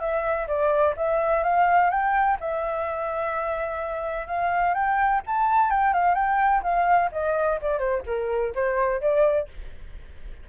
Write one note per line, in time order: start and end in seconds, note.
0.00 0.47 E5
0.47 0.95 D5
0.97 1.44 E5
1.44 1.90 F5
1.90 2.38 G5
2.40 4.27 E5
4.27 4.74 F5
4.74 5.22 G5
5.27 5.70 A5
5.70 5.94 G5
5.94 6.15 F5
6.15 6.62 G5
6.63 7.11 F5
7.12 7.60 D#5
7.61 7.79 D5
7.79 8.03 C5
8.06 8.54 A#4
8.55 9.01 C5
9.01 9.49 D5